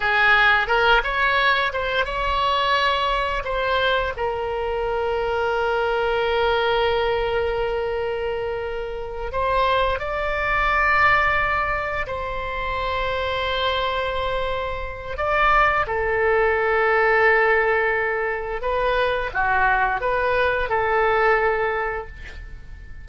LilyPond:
\new Staff \with { instrumentName = "oboe" } { \time 4/4 \tempo 4 = 87 gis'4 ais'8 cis''4 c''8 cis''4~ | cis''4 c''4 ais'2~ | ais'1~ | ais'4. c''4 d''4.~ |
d''4. c''2~ c''8~ | c''2 d''4 a'4~ | a'2. b'4 | fis'4 b'4 a'2 | }